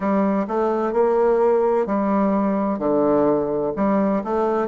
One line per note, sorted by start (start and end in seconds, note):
0.00 0.46 G3
0.47 0.92 A3
0.92 1.86 A#3
1.86 2.79 G3
2.79 3.72 D3
3.75 4.22 G3
4.24 4.67 A3